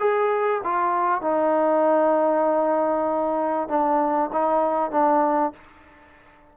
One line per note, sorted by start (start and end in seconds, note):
0.00 0.62 G#4
0.64 1.22 F4
1.22 3.69 D#4
3.69 4.30 D4
4.33 4.91 D#4
4.91 5.53 D4